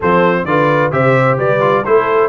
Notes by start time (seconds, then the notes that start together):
0.00 F3 C4 A4 C5
0.45 D3 F4 B4 D5
0.91 C3 G4 C5 E5
1.37 G3 B4 D5
1.60 F4
1.84 A3 E4 A4 C5